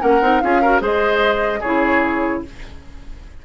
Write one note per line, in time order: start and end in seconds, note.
0.00 0.21 A#3
0.00 0.20 C#4
0.00 0.42 A#4
0.00 0.40 F#5
0.21 0.42 C4
0.21 0.42 D#4
0.40 0.81 C#4
0.40 0.63 F4
0.40 0.61 G#4
0.40 0.81 F5
0.61 0.80 F#4
0.61 0.82 A#4
0.80 1.62 G#3
0.80 1.61 G#4
0.80 1.60 C5
0.80 1.62 D#5
1.60 2.44 C#3
1.60 2.45 E4
1.60 2.41 G#4
1.60 2.43 C#5